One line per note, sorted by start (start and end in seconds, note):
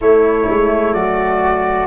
0.01 1.86 A3
0.01 0.48 A3
0.01 0.94 E4
0.01 0.93 C#5
0.49 0.93 G#3
0.93 1.86 F#3
0.93 1.86 F#4
0.93 1.86 D5